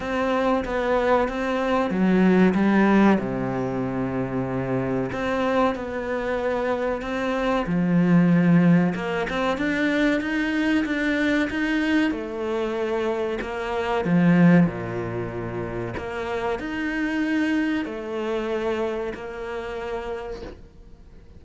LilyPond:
\new Staff \with { instrumentName = "cello" } { \time 4/4 \tempo 4 = 94 c'4 b4 c'4 fis4 | g4 c2. | c'4 b2 c'4 | f2 ais8 c'8 d'4 |
dis'4 d'4 dis'4 a4~ | a4 ais4 f4 ais,4~ | ais,4 ais4 dis'2 | a2 ais2 | }